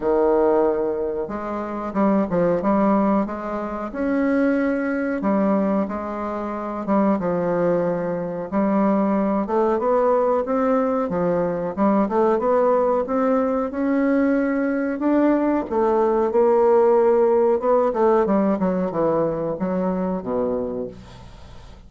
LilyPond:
\new Staff \with { instrumentName = "bassoon" } { \time 4/4 \tempo 4 = 92 dis2 gis4 g8 f8 | g4 gis4 cis'2 | g4 gis4. g8 f4~ | f4 g4. a8 b4 |
c'4 f4 g8 a8 b4 | c'4 cis'2 d'4 | a4 ais2 b8 a8 | g8 fis8 e4 fis4 b,4 | }